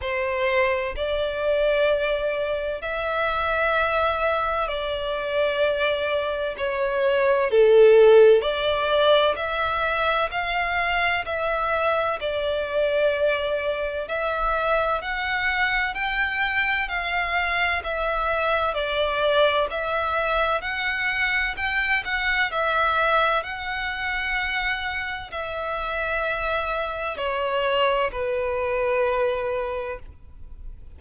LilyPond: \new Staff \with { instrumentName = "violin" } { \time 4/4 \tempo 4 = 64 c''4 d''2 e''4~ | e''4 d''2 cis''4 | a'4 d''4 e''4 f''4 | e''4 d''2 e''4 |
fis''4 g''4 f''4 e''4 | d''4 e''4 fis''4 g''8 fis''8 | e''4 fis''2 e''4~ | e''4 cis''4 b'2 | }